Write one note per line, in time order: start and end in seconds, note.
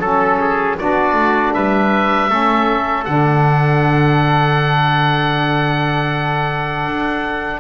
0.00 0.76 F#3
0.00 0.78 C#4
0.00 0.38 A4
0.00 0.76 A4
0.40 0.78 G#4
0.78 1.13 B3
0.78 2.29 D4
0.78 1.54 F#4
0.78 1.54 D5
1.13 1.51 A3
1.54 2.29 G3
1.54 2.30 B4
1.54 3.05 E5
2.29 3.05 A3
2.29 3.05 C#4
2.29 7.60 A4
3.05 6.86 D3
3.05 7.60 D4
3.05 7.60 F#5
6.86 7.60 D4